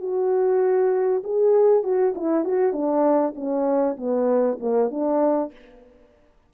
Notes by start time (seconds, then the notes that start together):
0.00 F#4
1.24 G#4
1.83 F#4
2.15 E4
2.45 F#4
2.72 D4
3.35 C#4
3.97 B3
4.60 A#3
4.91 D4